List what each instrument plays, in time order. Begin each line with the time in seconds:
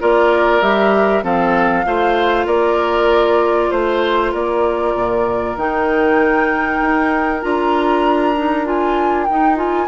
0.00 bassoon A#3, clarinet F4, oboe A#4, flute D5
0.61 bassoon G3, clarinet G4, flute E5
1.23 bassoon F3, clarinet C4, oboe A4, flute F5
1.85 bassoon A3, clarinet F4, oboe C5
2.46 bassoon A#3, oboe A#4, flute D5
3.71 bassoon A3, oboe C5, flute C5
4.32 bassoon A#3, oboe A#4, flute D5
4.94 bassoon A#2
5.56 bassoon D#3, clarinet D#4, flute G5
6.81 bassoon D#4
7.42 bassoon D4, clarinet F4, flute A#5
8.36 clarinet D#4
8.65 clarinet F4, flute G#5
9.25 clarinet D#4, bassoon D#4, flute G5
9.56 clarinet F4, flute G#5